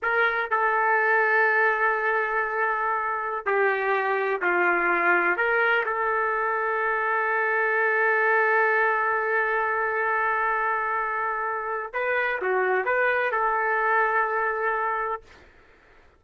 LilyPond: \new Staff \with { instrumentName = "trumpet" } { \time 4/4 \tempo 4 = 126 ais'4 a'2.~ | a'2.~ a'16 g'8.~ | g'4~ g'16 f'2 ais'8.~ | ais'16 a'2.~ a'8.~ |
a'1~ | a'1~ | a'4 b'4 fis'4 b'4 | a'1 | }